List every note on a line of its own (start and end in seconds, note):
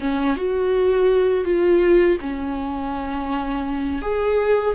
0.00 0.36 C#4
0.36 1.44 F#4
1.44 2.18 F4
2.20 4.01 C#4
4.01 4.74 G#4